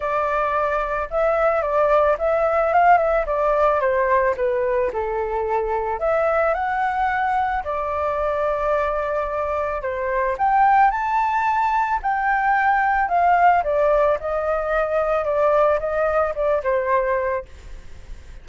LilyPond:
\new Staff \with { instrumentName = "flute" } { \time 4/4 \tempo 4 = 110 d''2 e''4 d''4 | e''4 f''8 e''8 d''4 c''4 | b'4 a'2 e''4 | fis''2 d''2~ |
d''2 c''4 g''4 | a''2 g''2 | f''4 d''4 dis''2 | d''4 dis''4 d''8 c''4. | }